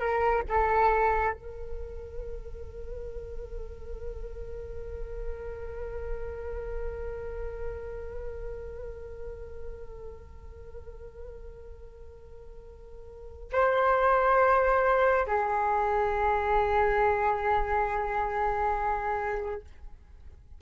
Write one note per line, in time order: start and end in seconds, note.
0.00 0.43 A#4
0.49 1.34 A4
1.34 13.51 A#4
13.53 15.26 C5
15.27 19.62 G#4